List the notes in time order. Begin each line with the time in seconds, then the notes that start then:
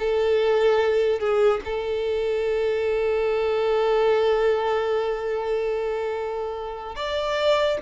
0.00 A4
1.20 G#4
1.65 A4
6.96 D5